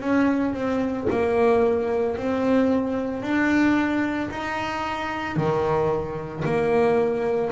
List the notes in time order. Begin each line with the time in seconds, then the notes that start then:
0.00 C#4
0.53 C4
1.10 A#3
2.17 C4
3.22 D4
4.30 D#4
5.36 D#3
6.44 A#3